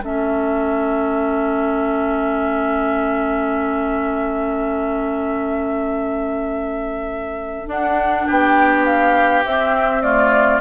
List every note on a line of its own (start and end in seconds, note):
0.00 7.65 A3
0.00 7.66 C#4
0.00 8.26 A4
0.00 7.69 E5
7.66 9.43 D4
7.66 8.26 D4
7.66 8.28 F#5
8.26 9.45 B3
8.26 10.03 G4
8.26 8.85 G5
8.85 9.44 F5
9.45 10.61 C4
9.45 10.02 C4
9.45 10.02 E5
10.02 10.61 A3
10.02 10.61 F4
10.02 10.61 D5